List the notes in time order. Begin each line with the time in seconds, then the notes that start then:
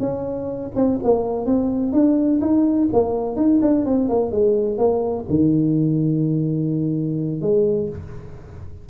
0.00 C#4
0.76 C4
1.04 A#3
1.46 C4
1.93 D4
2.41 D#4
2.93 A#3
3.36 D#4
3.62 D4
3.86 C4
4.09 A#3
4.31 G#3
4.78 A#3
5.29 D#3
7.42 G#3